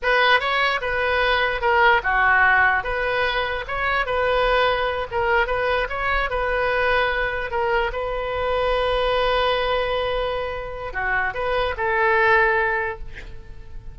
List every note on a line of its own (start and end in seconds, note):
0.02 0.39 B4
0.39 0.80 C#5
0.81 1.61 B4
1.61 2.01 A#4
2.03 2.83 F#4
2.83 3.64 B4
3.67 4.05 C#5
4.05 5.07 B4
5.11 5.47 A#4
5.47 5.87 B4
5.89 6.29 C#5
6.30 7.50 B4
7.50 7.91 A#4
7.92 10.93 B4
10.93 11.33 F#4
11.34 11.74 B4
11.77 12.98 A4